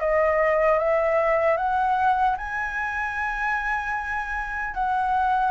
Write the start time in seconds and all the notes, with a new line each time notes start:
0.00 D#5
0.78 E5
1.57 F#5
2.37 G#5
4.74 F#5